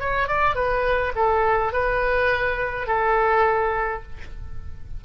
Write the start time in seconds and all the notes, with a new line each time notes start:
0.00 C#5
0.28 D5
0.55 B4
1.15 A4
1.73 B4
2.87 A4